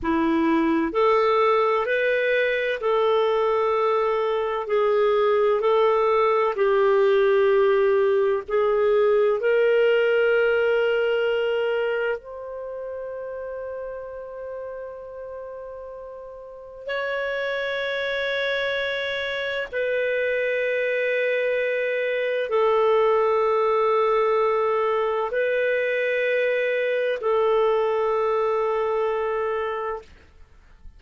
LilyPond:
\new Staff \with { instrumentName = "clarinet" } { \time 4/4 \tempo 4 = 64 e'4 a'4 b'4 a'4~ | a'4 gis'4 a'4 g'4~ | g'4 gis'4 ais'2~ | ais'4 c''2.~ |
c''2 cis''2~ | cis''4 b'2. | a'2. b'4~ | b'4 a'2. | }